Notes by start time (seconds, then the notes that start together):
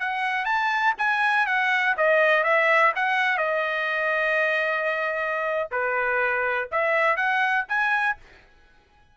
0.00 F#5
0.45 A5
0.98 G#5
1.47 F#5
1.97 D#5
2.44 E5
2.96 F#5
3.38 D#5
5.71 B4
6.72 E5
7.16 F#5
7.69 G#5